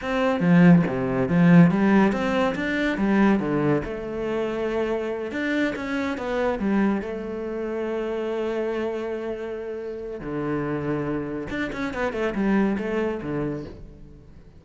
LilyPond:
\new Staff \with { instrumentName = "cello" } { \time 4/4 \tempo 4 = 141 c'4 f4 c4 f4 | g4 c'4 d'4 g4 | d4 a2.~ | a8 d'4 cis'4 b4 g8~ |
g8 a2.~ a8~ | a1 | d2. d'8 cis'8 | b8 a8 g4 a4 d4 | }